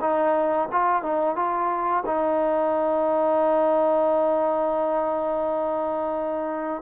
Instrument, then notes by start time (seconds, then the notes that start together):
trombone
0.00 D#4
0.71 F4
1.02 D#4
1.35 F4
2.05 D#4